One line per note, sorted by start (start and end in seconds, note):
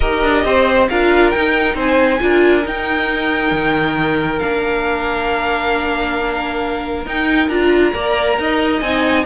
0.00 0.23 D#4
0.00 0.89 G4
0.00 0.44 A#4
0.00 0.87 D#5
0.23 0.44 D4
0.44 0.88 C4
0.44 0.89 C5
0.89 1.35 D4
0.89 1.34 F4
0.89 1.75 A#4
0.89 1.30 F5
1.30 2.19 D#4
1.30 1.74 D#4
1.30 1.74 G5
1.74 2.18 C4
1.74 2.19 C5
1.74 2.67 G#5
2.19 2.65 D4
2.19 2.61 F4
2.19 7.93 A#4
2.61 4.38 D#4
2.61 3.51 D#4
2.61 4.39 G5
3.51 4.39 D#3
4.39 7.06 A#3
4.39 7.06 D4
4.39 7.04 F5
7.06 7.48 D#4
7.06 7.50 D#4
7.06 7.48 G5
7.48 7.92 D4
7.48 7.93 F4
7.48 8.80 A#5
7.93 8.38 A#3
7.93 8.81 A#4
7.93 8.37 D5
8.38 8.81 D#4
8.38 9.25 D#5
8.80 9.25 C4
8.80 9.25 D#4
8.80 9.24 G#5